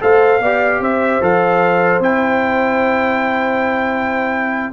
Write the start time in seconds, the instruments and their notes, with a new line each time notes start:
0.00 tuba A3, trombone A4, horn C5, trumpet F5
0.39 tuba B3, trombone G4, horn D5
0.80 tuba C4, horn C5, trumpet E5
1.21 tuba F3, trombone A4, trumpet F5
1.99 tuba C4, trombone E4, trumpet G5